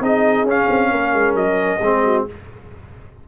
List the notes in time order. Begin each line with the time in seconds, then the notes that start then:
0.00 C4 D#4 G#4 D#5
0.44 C#4 F5
0.70 C4
0.91 A#3 A#4
1.14 G#3
1.35 F#3 D#5
1.80 G#3 C4 G#4
2.04 F#4